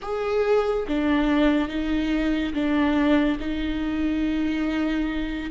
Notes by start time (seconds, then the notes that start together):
0.02 G#4
0.87 D4
1.68 D#4
2.53 D4
3.40 D#4